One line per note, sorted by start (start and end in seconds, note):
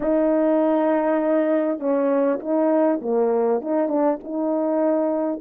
0.00 1.79 D#4
1.79 2.39 C#4
2.40 3.00 D#4
3.01 3.61 A#3
3.61 3.88 D#4
3.88 4.18 D4
4.23 5.41 D#4